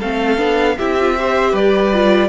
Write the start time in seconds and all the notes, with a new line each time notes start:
0.00 A3 C4 A4 F5
0.38 B3 D4
0.77 C4 E4 G4 E5
1.00 F4
1.18 G4 C5
1.52 G3 B4 D5
1.94 F4